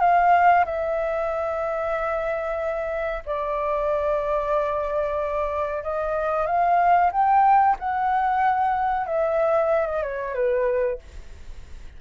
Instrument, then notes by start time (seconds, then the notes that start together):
flute
0.00 F5
0.65 E5
3.26 D5
5.83 D#5
6.46 F5
7.12 G5
7.79 F#5
9.06 E5
9.87 D#5
10.02 C#5
10.34 B4